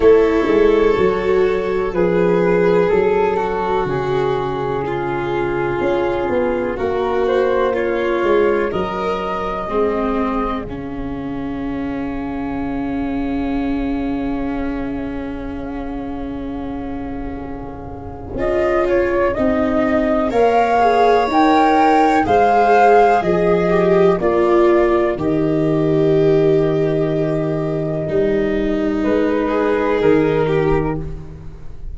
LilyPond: <<
  \new Staff \with { instrumentName = "flute" } { \time 4/4 \tempo 4 = 62 cis''2 b'4 a'4 | gis'2. ais'8 c''8 | cis''4 dis''2 f''4~ | f''1~ |
f''2. dis''8 cis''8 | dis''4 f''4 g''4 f''4 | dis''4 d''4 dis''2~ | dis''2 b'4 ais'4 | }
  \new Staff \with { instrumentName = "violin" } { \time 4/4 a'2 gis'4. fis'8~ | fis'4 f'2 fis'4 | f'4 ais'4 gis'2~ | gis'1~ |
gis'1~ | gis'4 cis''2 c''4 | gis'4 ais'2.~ | ais'2~ ais'8 gis'4 g'8 | }
  \new Staff \with { instrumentName = "viola" } { \time 4/4 e'4 fis'4 cis'2~ | cis'1~ | cis'2 c'4 cis'4~ | cis'1~ |
cis'2. f'4 | dis'4 ais'8 gis'8 ais'4 gis'4~ | gis'8 g'8 f'4 g'2~ | g'4 dis'2. | }
  \new Staff \with { instrumentName = "tuba" } { \time 4/4 a8 gis8 fis4 f4 fis4 | cis2 cis'8 b8 ais4~ | ais8 gis8 fis4 gis4 cis4~ | cis1~ |
cis2. cis'4 | c'4 ais4 dis'4 gis4 | f4 ais4 dis2~ | dis4 g4 gis4 dis4 | }
>>